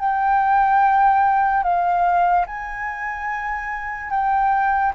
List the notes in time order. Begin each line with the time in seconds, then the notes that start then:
0.00 G5
1.64 F5
2.47 G#5
4.11 G5